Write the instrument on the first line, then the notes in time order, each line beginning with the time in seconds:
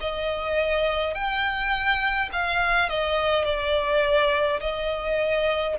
violin
0.00 D#5
1.14 G5
2.32 F5
2.89 D#5
3.45 D5
4.60 D#5